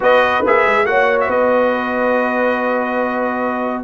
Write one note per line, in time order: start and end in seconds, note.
0.00 0.44 B3
0.00 0.42 F#4
0.00 0.86 B4
0.00 0.45 D#5
0.44 0.65 A#3
0.44 0.85 G#4
0.44 0.85 E5
0.65 0.85 G#3
0.85 1.27 A#3
0.85 3.83 F#4
0.85 1.26 C#5
0.85 1.18 F#5
1.20 3.83 B4
1.20 1.30 E5
1.28 3.83 B3
1.28 3.83 D#5